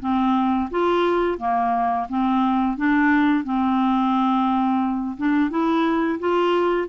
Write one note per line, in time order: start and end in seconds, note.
0.00 0.69 C4
0.70 1.38 F4
1.38 2.07 A#3
2.08 2.77 C4
2.77 3.44 D4
3.44 5.16 C4
5.17 5.50 D4
5.50 6.18 E4
6.19 6.88 F4